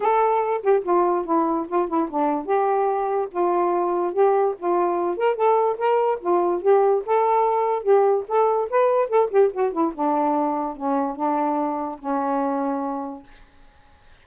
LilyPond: \new Staff \with { instrumentName = "saxophone" } { \time 4/4 \tempo 4 = 145 a'4. g'8 f'4 e'4 | f'8 e'8 d'4 g'2 | f'2 g'4 f'4~ | f'8 ais'8 a'4 ais'4 f'4 |
g'4 a'2 g'4 | a'4 b'4 a'8 g'8 fis'8 e'8 | d'2 cis'4 d'4~ | d'4 cis'2. | }